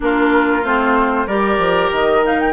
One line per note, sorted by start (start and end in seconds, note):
0.00 0.64 A#3
0.00 0.63 D4
0.00 1.26 F4
0.00 0.64 A#4
0.63 1.27 A3
0.63 1.27 C4
0.63 1.27 C5
1.26 1.58 G3
1.26 2.23 G4
1.26 2.52 A#4
1.26 1.91 D5
1.58 1.90 F3
1.91 2.52 D#3
1.91 2.25 D#5
2.23 2.52 D#4
2.23 2.39 F5
2.39 2.52 G5